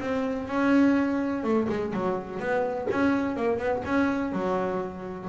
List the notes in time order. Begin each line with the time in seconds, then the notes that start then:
0.00 C4
0.47 C#4
1.43 A3
1.69 G#3
1.93 F#3
2.39 B3
2.90 C#4
3.36 A#3
3.58 B3
3.85 C#4
4.32 F#3